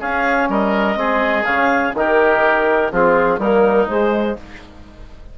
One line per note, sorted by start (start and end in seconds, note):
0.00 0.96 C#4
0.00 0.49 C#4
0.00 0.49 G#4
0.00 0.50 F5
0.49 0.97 G3
0.49 0.99 A#4
0.49 1.45 D#5
0.96 1.45 G#3
0.96 1.44 C4
0.96 1.96 G#4
1.45 1.94 C#3
1.45 1.95 C#4
1.45 1.93 F5
1.94 2.91 D#3
1.94 2.92 D#4
1.94 2.92 G4
1.94 2.93 A#4
2.92 3.39 F3
2.92 3.40 C4
2.92 3.40 F4
2.92 3.39 G#4
3.39 3.87 G3
3.39 3.89 A#3
3.39 4.37 D#4
3.39 3.87 A#4
3.89 4.37 G#3
3.89 4.38 G#3
3.89 4.37 C5